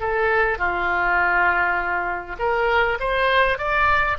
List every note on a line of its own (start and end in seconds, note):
0.00 0.58 A4
0.58 2.36 F4
2.39 2.98 A#4
2.99 3.58 C5
3.58 4.17 D5